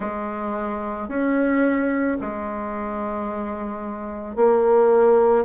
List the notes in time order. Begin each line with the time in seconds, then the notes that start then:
0.00 G#3
1.08 C#4
2.20 G#3
4.35 A#3